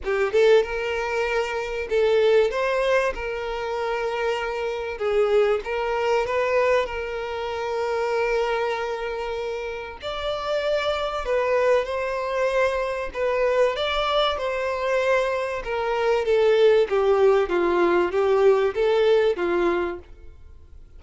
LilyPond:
\new Staff \with { instrumentName = "violin" } { \time 4/4 \tempo 4 = 96 g'8 a'8 ais'2 a'4 | c''4 ais'2. | gis'4 ais'4 b'4 ais'4~ | ais'1 |
d''2 b'4 c''4~ | c''4 b'4 d''4 c''4~ | c''4 ais'4 a'4 g'4 | f'4 g'4 a'4 f'4 | }